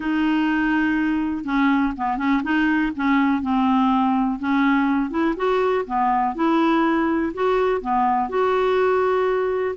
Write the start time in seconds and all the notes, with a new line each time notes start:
0.00 D#4
1.44 C#4
1.96 B3
2.17 C#4
2.43 D#4
2.95 C#4
3.42 C4
4.39 C#4
5.10 E4
5.36 F#4
5.86 B3
6.35 E4
7.33 F#4
7.81 B3
8.29 F#4